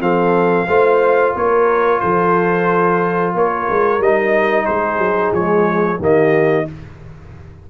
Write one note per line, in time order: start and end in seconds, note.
0.00 0.67 F3
0.00 0.67 C4
0.00 0.67 A4
0.00 1.35 F5
0.67 1.34 A3
0.67 4.01 F4
0.67 1.34 C5
1.35 2.02 A#3
1.35 2.01 A#4
1.35 2.00 C#5
2.00 3.34 F3
2.00 3.35 A4
2.00 3.33 C5
3.34 3.68 A#3
3.34 4.65 A#4
3.34 4.02 C#5
3.69 3.99 G#3
3.99 4.66 G3
3.99 5.37 D#4
3.99 4.65 D#5
4.65 4.98 G#3
4.65 5.99 G#4
4.65 5.32 C5
4.98 5.31 F#3
5.32 5.98 F3
5.32 5.98 G#3
5.32 6.00 C#5
5.98 6.66 D#3
5.98 6.65 A#3
5.98 6.66 G4
5.98 6.70 D#5